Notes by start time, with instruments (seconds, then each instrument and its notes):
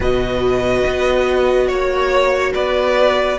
0.00 cello B2, viola F#4, violin B4 D#5
0.85 cello B3
1.67 cello A#3, violin C#5
2.54 cello B3, violin B4 D5